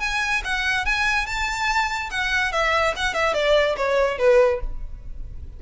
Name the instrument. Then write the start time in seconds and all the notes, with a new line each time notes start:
violin
0.00 G#5
0.44 F#5
0.86 G#5
1.26 A5
2.11 F#5
2.53 E5
2.97 F#5
3.14 E5
3.34 D5
3.77 C#5
4.18 B4